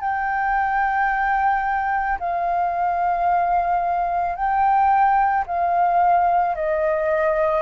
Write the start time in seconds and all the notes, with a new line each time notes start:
0.00 G5
2.19 F5
4.35 G5
5.46 F5
6.55 D#5